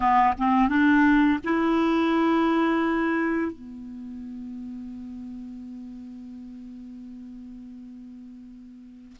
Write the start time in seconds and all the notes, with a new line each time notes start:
0.00 B3
0.38 C4
0.68 D4
1.44 E4
3.52 B3